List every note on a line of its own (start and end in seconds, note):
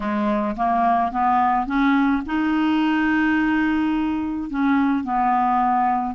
0.00 0.55 G#3
0.56 1.11 A#3
1.11 1.66 B3
1.66 2.22 C#4
2.26 4.50 D#4
4.50 5.03 C#4
5.03 6.15 B3